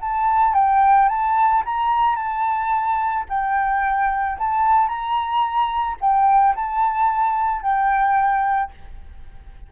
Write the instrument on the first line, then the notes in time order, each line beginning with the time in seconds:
flute
0.00 A5
0.54 G5
1.08 A5
1.65 A#5
2.15 A5
3.29 G5
4.38 A5
4.88 A#5
6.00 G5
6.55 A5
7.62 G5